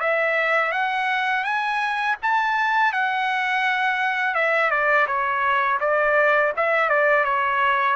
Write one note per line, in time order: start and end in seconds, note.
0.00 0.72 E5
0.72 1.44 F#5
1.44 2.16 G#5
2.22 2.92 A5
2.92 4.35 F#5
4.35 4.71 E5
4.71 5.07 D5
5.07 5.79 C#5
5.80 6.53 D5
6.56 6.89 E5
6.89 7.24 D5
7.24 7.96 C#5